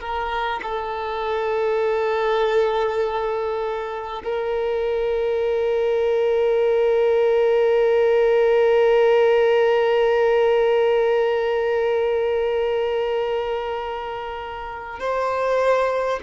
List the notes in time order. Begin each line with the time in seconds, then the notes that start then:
0.00 A#4
0.62 A4
4.23 A#4
14.99 C5